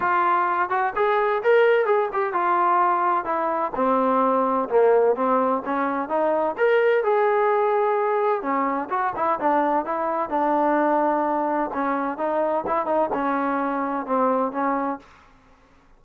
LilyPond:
\new Staff \with { instrumentName = "trombone" } { \time 4/4 \tempo 4 = 128 f'4. fis'8 gis'4 ais'4 | gis'8 g'8 f'2 e'4 | c'2 ais4 c'4 | cis'4 dis'4 ais'4 gis'4~ |
gis'2 cis'4 fis'8 e'8 | d'4 e'4 d'2~ | d'4 cis'4 dis'4 e'8 dis'8 | cis'2 c'4 cis'4 | }